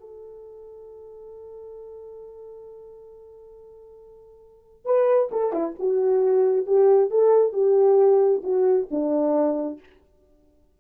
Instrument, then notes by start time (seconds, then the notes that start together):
horn
0.00 A4
4.85 B4
5.32 A4
5.53 E4
5.79 F#4
6.67 G4
7.11 A4
7.53 G4
8.43 F#4
8.91 D4